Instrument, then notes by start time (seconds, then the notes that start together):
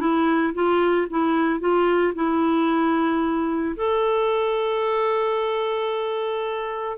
clarinet
0.00 E4
0.54 F4
1.10 E4
1.60 F4
2.15 E4
3.76 A4